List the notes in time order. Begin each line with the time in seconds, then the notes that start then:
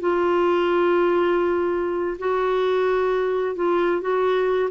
0.00 F4
2.19 F#4
3.55 F4
4.01 F#4